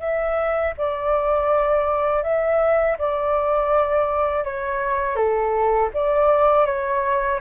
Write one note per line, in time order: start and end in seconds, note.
0.00 0.74 E5
0.78 2.23 D5
2.23 2.97 E5
2.99 4.44 D5
4.44 5.16 C#5
5.16 5.90 A4
5.94 6.66 D5
6.66 7.40 C#5